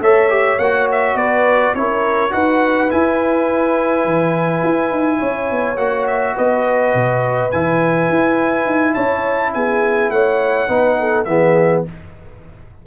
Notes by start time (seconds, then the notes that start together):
0.00 A3 A4 C#5 E5
0.29 G4
0.58 A#3 F#4 F#5
0.91 E5
1.14 B3 B4 D5
1.74 C#4 E4 A#4 C#5
2.30 D#4 F#4 B4 F#5
2.88 E4 G#5
4.04 E3
4.63 E4
4.91 D#4
5.18 C#4 C#5
5.50 B3
5.77 A#3 F#4 F#5
6.06 E5
6.34 B3 B4 D#5
6.94 B2
7.51 E3 E4 G#5
8.08 E4
8.65 D#4
8.94 C#4 C#5 A5
9.53 B3 G#4 G#5
10.10 A3 C#5 F#5
10.68 B3 D#4 B4
10.99 A4
11.24 E3 B3 G#4 E5